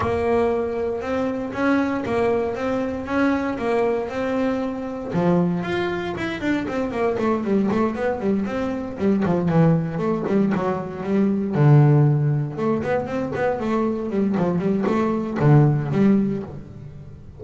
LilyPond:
\new Staff \with { instrumentName = "double bass" } { \time 4/4 \tempo 4 = 117 ais2 c'4 cis'4 | ais4 c'4 cis'4 ais4 | c'2 f4 f'4 | e'8 d'8 c'8 ais8 a8 g8 a8 b8 |
g8 c'4 g8 f8 e4 a8 | g8 fis4 g4 d4.~ | d8 a8 b8 c'8 b8 a4 g8 | f8 g8 a4 d4 g4 | }